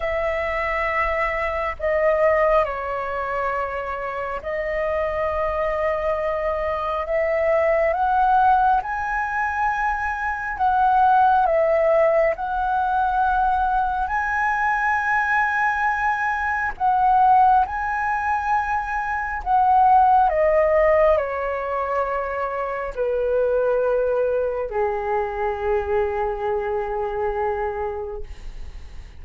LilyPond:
\new Staff \with { instrumentName = "flute" } { \time 4/4 \tempo 4 = 68 e''2 dis''4 cis''4~ | cis''4 dis''2. | e''4 fis''4 gis''2 | fis''4 e''4 fis''2 |
gis''2. fis''4 | gis''2 fis''4 dis''4 | cis''2 b'2 | gis'1 | }